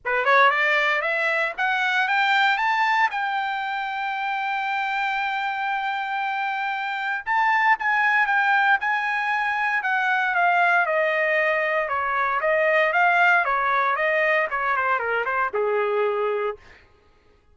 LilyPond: \new Staff \with { instrumentName = "trumpet" } { \time 4/4 \tempo 4 = 116 b'8 cis''8 d''4 e''4 fis''4 | g''4 a''4 g''2~ | g''1~ | g''2 a''4 gis''4 |
g''4 gis''2 fis''4 | f''4 dis''2 cis''4 | dis''4 f''4 cis''4 dis''4 | cis''8 c''8 ais'8 c''8 gis'2 | }